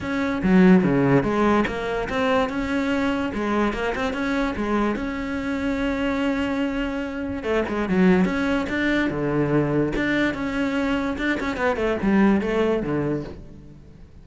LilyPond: \new Staff \with { instrumentName = "cello" } { \time 4/4 \tempo 4 = 145 cis'4 fis4 cis4 gis4 | ais4 c'4 cis'2 | gis4 ais8 c'8 cis'4 gis4 | cis'1~ |
cis'2 a8 gis8 fis4 | cis'4 d'4 d2 | d'4 cis'2 d'8 cis'8 | b8 a8 g4 a4 d4 | }